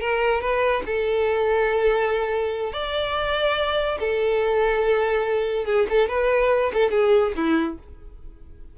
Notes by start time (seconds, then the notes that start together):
0.00 A#4
0.41 B4
0.85 A4
2.72 D5
4.00 A4
5.65 G#4
5.89 A4
6.09 B4
6.73 A4
6.90 G#4
7.36 E4